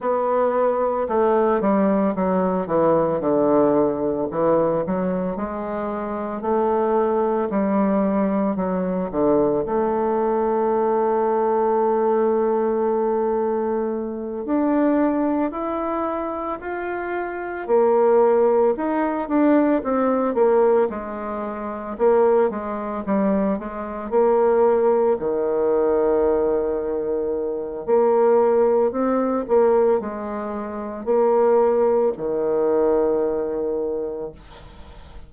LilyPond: \new Staff \with { instrumentName = "bassoon" } { \time 4/4 \tempo 4 = 56 b4 a8 g8 fis8 e8 d4 | e8 fis8 gis4 a4 g4 | fis8 d8 a2.~ | a4. d'4 e'4 f'8~ |
f'8 ais4 dis'8 d'8 c'8 ais8 gis8~ | gis8 ais8 gis8 g8 gis8 ais4 dis8~ | dis2 ais4 c'8 ais8 | gis4 ais4 dis2 | }